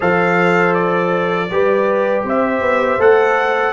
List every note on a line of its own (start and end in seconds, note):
0.00 1.50 F3
0.00 1.49 A4
0.00 1.49 C5
0.00 0.74 F5
0.74 2.24 D5
1.50 2.23 G3
1.50 2.99 G4
1.50 2.25 B4
2.23 2.60 C4
2.23 3.73 C5
2.23 3.01 E5
2.60 2.98 B3
2.98 3.73 A3
2.98 3.73 A4
2.98 3.73 F#5